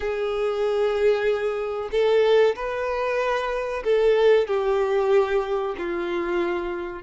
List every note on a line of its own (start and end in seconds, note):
0.00 1.89 G#4
1.91 2.55 A4
2.55 3.83 B4
3.84 4.47 A4
4.47 5.75 G4
5.77 7.02 F4